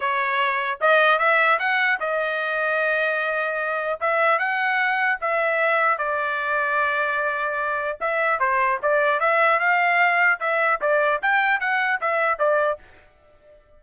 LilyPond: \new Staff \with { instrumentName = "trumpet" } { \time 4/4 \tempo 4 = 150 cis''2 dis''4 e''4 | fis''4 dis''2.~ | dis''2 e''4 fis''4~ | fis''4 e''2 d''4~ |
d''1 | e''4 c''4 d''4 e''4 | f''2 e''4 d''4 | g''4 fis''4 e''4 d''4 | }